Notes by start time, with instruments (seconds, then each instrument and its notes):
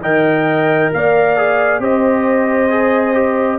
0.00 tuba D#3, trombone A#4, horn D#5, trumpet G5
0.92 tuba A#3, horn D5, trumpet F5
1.37 trombone G#4
1.79 tuba C4, trombone G4, horn C5, trumpet D#5
2.69 trombone G#4
3.13 trombone G4